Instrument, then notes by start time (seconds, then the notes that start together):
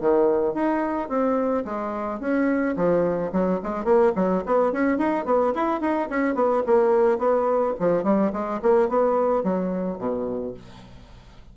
bassoon
0.00 D#3
0.54 D#4
1.09 C4
1.65 G#3
2.20 C#4
2.76 F3
3.32 F#3
3.63 G#3
3.84 A#3
4.15 F#3
4.45 B3
4.72 C#4
4.97 D#4
5.25 B3
5.54 E4
5.81 D#4
6.09 C#4
6.35 B3
6.66 A#3
7.18 B3
7.79 F3
8.03 G3
8.32 G#3
8.62 A#3
8.89 B3
9.43 F#3
9.98 B2